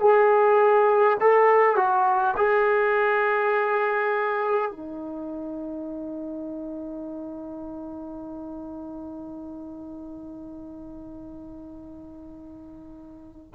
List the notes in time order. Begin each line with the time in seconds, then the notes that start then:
0.00 G#4
1.20 A4
1.76 F#4
2.37 G#4
4.71 D#4